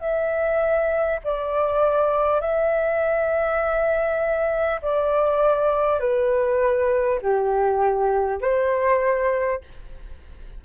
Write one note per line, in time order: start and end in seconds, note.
0.00 1.20 E5
1.24 2.41 D5
2.41 4.81 E5
4.82 6.00 D5
6.00 7.20 B4
7.22 8.42 G4
8.42 9.62 C5